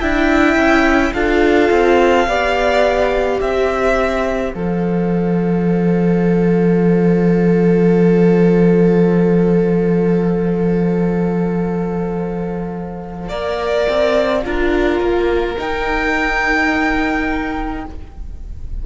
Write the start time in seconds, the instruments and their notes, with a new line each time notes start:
0.00 cello D4, viola E4, violin E5 G5
0.55 cello C#4
1.13 cello D4, viola F4, violin A4 F5
1.70 cello C4
2.27 cello B3, viola G4, violin D5
3.39 cello C4, violin C5 E5
4.53 cello F3, viola A4, violin F5
13.28 cello A#3, viola A#4, violin D5
13.88 cello C4
14.42 cello D4, viola F4, violin A#4
15.00 cello A#3
15.58 viola D#4, cello D#4, violin G5